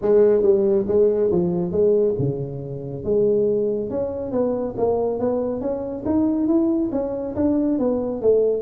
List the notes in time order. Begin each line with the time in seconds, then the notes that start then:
0.01 G#3
0.42 G3
0.87 G#3
1.31 F3
1.71 G#3
2.19 C#3
3.04 G#3
3.90 C#4
4.31 B3
4.77 A#3
5.19 B3
5.60 C#4
6.05 D#4
6.47 E4
6.91 C#4
7.35 D4
7.78 B3
8.21 A3